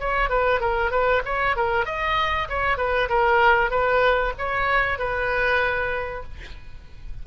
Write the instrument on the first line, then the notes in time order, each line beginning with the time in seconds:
oboe
0.00 C#5
0.30 B4
0.60 A#4
0.91 B4
1.25 C#5
1.57 A#4
1.86 D#5
2.49 C#5
2.78 B4
3.09 A#4
3.71 B4
4.38 C#5
4.99 B4